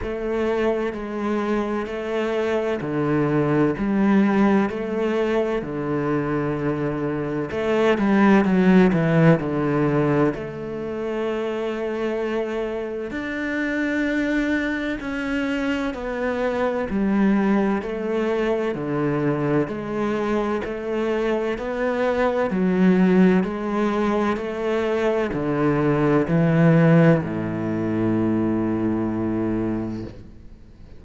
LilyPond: \new Staff \with { instrumentName = "cello" } { \time 4/4 \tempo 4 = 64 a4 gis4 a4 d4 | g4 a4 d2 | a8 g8 fis8 e8 d4 a4~ | a2 d'2 |
cis'4 b4 g4 a4 | d4 gis4 a4 b4 | fis4 gis4 a4 d4 | e4 a,2. | }